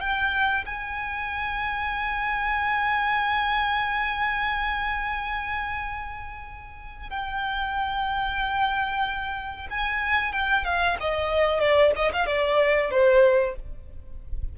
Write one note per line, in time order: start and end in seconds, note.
0.00 0.65 G5
0.65 7.09 G#5
7.09 9.67 G5
9.70 10.33 G#5
10.33 10.65 G5
10.65 10.97 F5
11.00 11.60 D#5
11.60 11.92 D5
11.96 12.12 D#5
12.13 12.26 F5
12.26 12.91 D5
12.91 13.55 C5